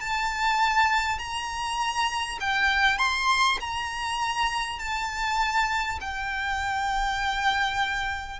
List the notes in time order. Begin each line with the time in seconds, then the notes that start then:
0.00 A5
1.19 A#5
2.41 G5
2.98 C6
3.60 A#5
4.79 A5
6.01 G5